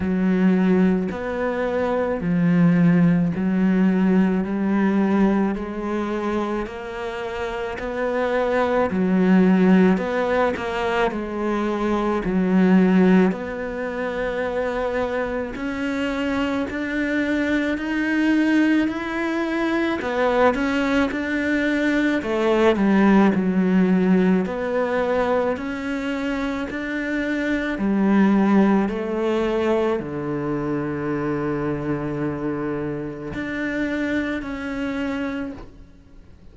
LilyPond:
\new Staff \with { instrumentName = "cello" } { \time 4/4 \tempo 4 = 54 fis4 b4 f4 fis4 | g4 gis4 ais4 b4 | fis4 b8 ais8 gis4 fis4 | b2 cis'4 d'4 |
dis'4 e'4 b8 cis'8 d'4 | a8 g8 fis4 b4 cis'4 | d'4 g4 a4 d4~ | d2 d'4 cis'4 | }